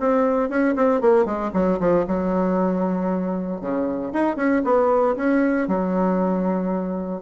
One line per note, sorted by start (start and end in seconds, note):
0.00 0.49 C4
0.49 0.75 C#4
0.76 1.01 C4
1.01 1.26 A#3
1.26 1.51 G#3
1.54 1.79 F#3
1.80 2.06 F3
2.07 3.61 F#3
3.61 4.13 C#3
4.13 4.36 D#4
4.36 4.62 C#4
4.64 5.16 B3
5.17 5.68 C#4
5.68 7.22 F#3